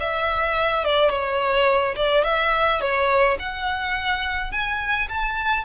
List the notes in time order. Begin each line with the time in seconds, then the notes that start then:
0.00 E5
0.85 D5
1.10 C#5
1.96 D5
2.24 E5
2.81 C#5
3.39 F#5
4.52 G#5
5.09 A5